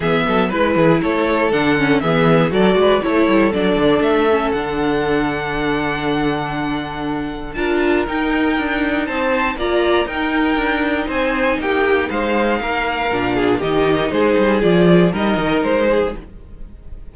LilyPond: <<
  \new Staff \with { instrumentName = "violin" } { \time 4/4 \tempo 4 = 119 e''4 b'4 cis''4 fis''4 | e''4 d''4 cis''4 d''4 | e''4 fis''2.~ | fis''2. a''4 |
g''2 a''4 ais''4 | g''2 gis''4 g''4 | f''2. dis''4 | c''4 d''4 dis''4 c''4 | }
  \new Staff \with { instrumentName = "violin" } { \time 4/4 gis'8 a'8 b'8 gis'8 a'2 | gis'4 a'8 b'8 a'2~ | a'1~ | a'2. ais'4~ |
ais'2 c''4 d''4 | ais'2 c''4 g'4 | c''4 ais'4. gis'8 g'4 | gis'2 ais'4. gis'8 | }
  \new Staff \with { instrumentName = "viola" } { \time 4/4 b4 e'2 d'8 cis'8 | b4 fis'4 e'4 d'4~ | d'8 cis'8 d'2.~ | d'2. f'4 |
dis'2. f'4 | dis'1~ | dis'2 d'4 dis'4~ | dis'4 f'4 dis'2 | }
  \new Staff \with { instrumentName = "cello" } { \time 4/4 e8 fis8 gis8 e8 a4 d4 | e4 fis8 gis8 a8 g8 fis8 d8 | a4 d2.~ | d2. d'4 |
dis'4 d'4 c'4 ais4 | dis'4 d'4 c'4 ais4 | gis4 ais4 ais,4 dis4 | gis8 g8 f4 g8 dis8 gis4 | }
>>